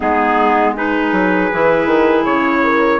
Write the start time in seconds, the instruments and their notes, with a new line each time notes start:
0.00 bassoon G#3, clarinet B3, horn D#4, trumpet G#4
0.72 clarinet D#4, horn G#4, trumpet B4
1.12 bassoon F#3
1.52 bassoon E3, clarinet E4
1.85 bassoon D#3
2.25 bassoon C#3, trumpet C#5
2.63 horn A#4